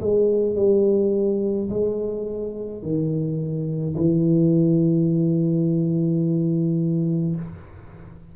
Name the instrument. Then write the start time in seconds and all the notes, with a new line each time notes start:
tuba
0.00 G#3
0.56 G3
1.69 G#3
2.82 D#3
3.96 E3